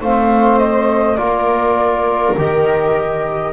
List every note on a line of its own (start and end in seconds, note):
0.00 1.18 A3
0.00 1.17 C4
0.00 1.18 C5
0.00 0.58 F5
0.58 1.16 D#5
1.16 2.36 A#3
1.16 2.35 F4
1.16 3.52 A#4
1.16 2.34 D5
2.37 3.52 D#3
2.37 3.52 G4
2.37 3.52 D#5